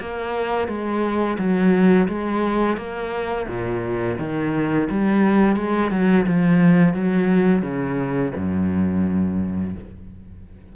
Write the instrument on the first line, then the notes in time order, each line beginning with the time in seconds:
cello
0.00 A#3
0.68 G#3
1.38 F#3
2.08 G#3
2.77 A#3
3.48 A#2
4.19 D#3
4.90 G3
5.56 G#3
5.91 F#3
6.27 F3
6.94 F#3
7.62 C#3
8.35 F#2